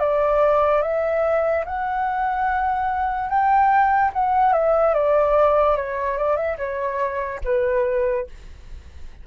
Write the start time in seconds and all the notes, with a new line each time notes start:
0.00 D5
0.82 E5
1.66 F#5
3.29 G5
4.14 F#5
4.53 E5
4.94 D5
5.76 C#5
6.18 D5
6.37 E5
6.58 C#5
7.45 B4